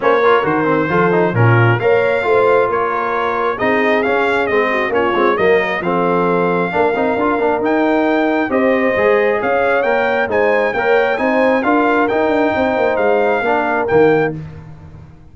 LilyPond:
<<
  \new Staff \with { instrumentName = "trumpet" } { \time 4/4 \tempo 4 = 134 cis''4 c''2 ais'4 | f''2 cis''2 | dis''4 f''4 dis''4 cis''4 | dis''4 f''2.~ |
f''4 g''2 dis''4~ | dis''4 f''4 g''4 gis''4 | g''4 gis''4 f''4 g''4~ | g''4 f''2 g''4 | }
  \new Staff \with { instrumentName = "horn" } { \time 4/4 c''8 ais'4. a'4 f'4 | cis''4 c''4 ais'2 | gis'2~ gis'8 fis'8 f'4 | ais'4 a'2 ais'4~ |
ais'2. c''4~ | c''4 cis''2 c''4 | cis''4 c''4 ais'2 | c''2 ais'2 | }
  \new Staff \with { instrumentName = "trombone" } { \time 4/4 cis'8 f'8 fis'8 c'8 f'8 dis'8 cis'4 | ais'4 f'2. | dis'4 cis'4 c'4 cis'8 c'8 | ais4 c'2 d'8 dis'8 |
f'8 d'8 dis'2 g'4 | gis'2 ais'4 dis'4 | ais'4 dis'4 f'4 dis'4~ | dis'2 d'4 ais4 | }
  \new Staff \with { instrumentName = "tuba" } { \time 4/4 ais4 dis4 f4 ais,4 | ais4 a4 ais2 | c'4 cis'4 gis4 ais8 gis8 | fis4 f2 ais8 c'8 |
d'8 ais8 dis'2 c'4 | gis4 cis'4 ais4 gis4 | ais4 c'4 d'4 dis'8 d'8 | c'8 ais8 gis4 ais4 dis4 | }
>>